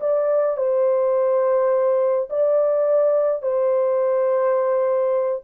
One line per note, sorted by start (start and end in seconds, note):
0.00 0.57 D5
0.57 2.28 C5
2.30 3.42 D5
3.42 5.42 C5